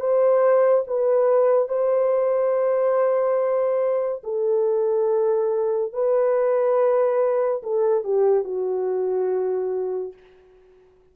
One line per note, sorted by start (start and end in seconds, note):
0.00 0.85 C5
0.88 1.69 B4
1.69 4.22 C5
4.24 5.93 A4
5.93 7.62 B4
7.63 8.04 A4
8.04 8.44 G4
8.44 10.13 F#4